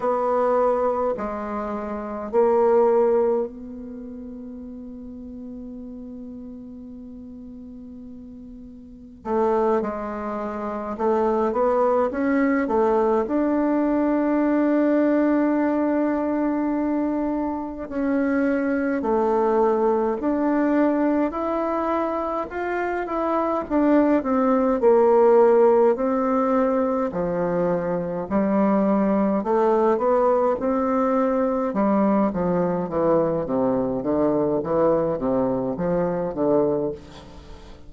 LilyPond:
\new Staff \with { instrumentName = "bassoon" } { \time 4/4 \tempo 4 = 52 b4 gis4 ais4 b4~ | b1 | a8 gis4 a8 b8 cis'8 a8 d'8~ | d'2.~ d'8 cis'8~ |
cis'8 a4 d'4 e'4 f'8 | e'8 d'8 c'8 ais4 c'4 f8~ | f8 g4 a8 b8 c'4 g8 | f8 e8 c8 d8 e8 c8 f8 d8 | }